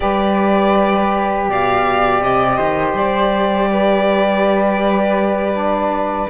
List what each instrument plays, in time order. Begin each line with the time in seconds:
0.00 cello G3, saxophone G4, flute B4, violin D5
1.48 cello B2, flute D5, violin F5
2.20 cello C3, violin D#5
2.57 cello D#3, flute C5
2.93 cello G3, violin D5
3.71 flute B4
5.53 saxophone D4